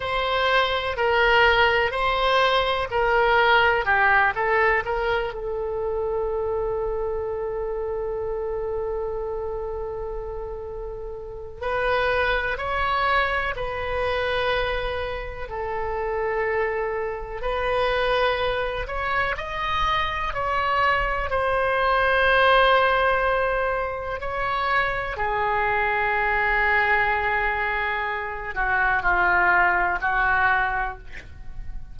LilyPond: \new Staff \with { instrumentName = "oboe" } { \time 4/4 \tempo 4 = 62 c''4 ais'4 c''4 ais'4 | g'8 a'8 ais'8 a'2~ a'8~ | a'1 | b'4 cis''4 b'2 |
a'2 b'4. cis''8 | dis''4 cis''4 c''2~ | c''4 cis''4 gis'2~ | gis'4. fis'8 f'4 fis'4 | }